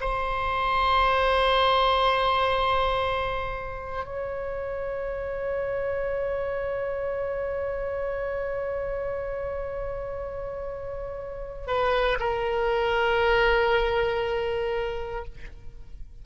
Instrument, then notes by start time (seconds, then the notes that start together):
oboe
0.00 C5
4.05 C#5
11.67 B4
12.19 A#4